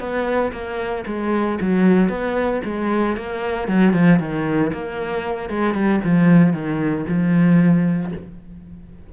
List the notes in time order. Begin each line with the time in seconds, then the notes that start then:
0.00 B3
0.53 A#3
1.07 G#3
1.61 F#3
2.09 B3
2.65 G#3
3.17 A#3
3.68 F#3
3.93 F3
4.20 D#3
4.73 A#3
5.50 G#3
5.75 G3
6.04 F3
6.53 D#3
7.08 F3